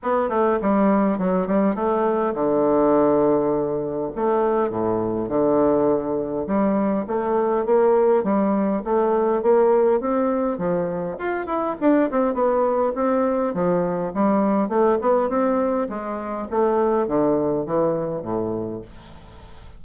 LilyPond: \new Staff \with { instrumentName = "bassoon" } { \time 4/4 \tempo 4 = 102 b8 a8 g4 fis8 g8 a4 | d2. a4 | a,4 d2 g4 | a4 ais4 g4 a4 |
ais4 c'4 f4 f'8 e'8 | d'8 c'8 b4 c'4 f4 | g4 a8 b8 c'4 gis4 | a4 d4 e4 a,4 | }